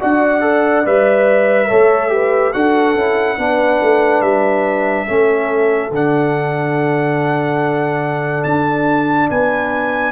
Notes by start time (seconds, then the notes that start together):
0.00 D4 F#4 D5 F#5
0.40 A4
0.85 G3 B4 E5
1.68 A3 A4 C#5
2.09 G4 B4
2.52 D4 F#4 A4 F#5
2.95 C#4 E4
3.38 B3 D4 B4
3.82 A3
4.21 G3 E5
5.06 A3 C#4 A4
5.91 D3 D4 F#5
8.44 D4 A5
9.30 B3 B4 G#5